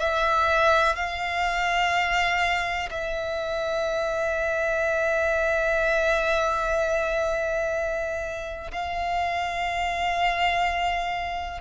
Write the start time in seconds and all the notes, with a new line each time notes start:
0.00 E5
0.96 F5
2.91 E5
8.72 F5